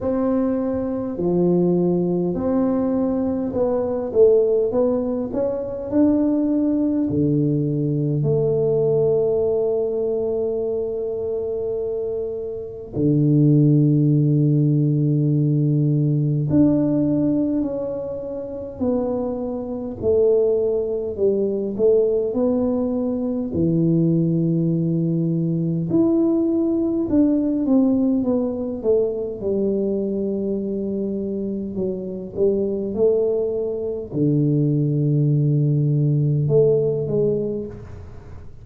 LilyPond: \new Staff \with { instrumentName = "tuba" } { \time 4/4 \tempo 4 = 51 c'4 f4 c'4 b8 a8 | b8 cis'8 d'4 d4 a4~ | a2. d4~ | d2 d'4 cis'4 |
b4 a4 g8 a8 b4 | e2 e'4 d'8 c'8 | b8 a8 g2 fis8 g8 | a4 d2 a8 gis8 | }